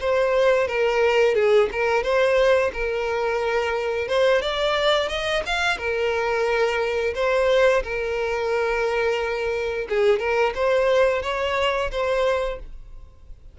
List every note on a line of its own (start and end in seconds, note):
0.00 0.68 C5
0.68 1.35 A#4
1.35 1.69 G#4
1.72 2.03 A#4
2.03 2.71 C5
2.73 4.08 A#4
4.08 4.42 C5
4.42 5.09 D5
5.09 5.43 D#5
5.46 5.77 F5
5.77 7.14 A#4
7.15 7.83 C5
7.83 9.87 A#4
9.89 10.19 G#4
10.19 10.53 A#4
10.55 11.22 C5
11.22 11.90 C#5
11.91 12.59 C5